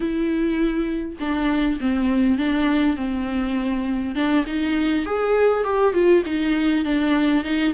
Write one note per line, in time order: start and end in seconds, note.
0.00 1.16 E4
1.19 1.79 D4
1.80 2.38 C4
2.38 2.96 D4
2.96 4.14 C4
4.14 4.44 D4
4.46 5.05 D#4
5.05 5.64 G#4
5.64 5.93 G4
5.93 6.23 F4
6.25 6.85 D#4
6.85 7.44 D4
7.44 7.73 D#4